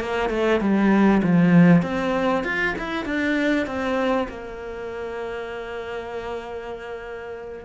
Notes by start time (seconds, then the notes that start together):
0.00 A#3
0.29 A3
0.60 G3
1.22 F3
1.82 C4
2.44 F4
2.78 E4
3.05 D4
3.66 C4
4.28 A#3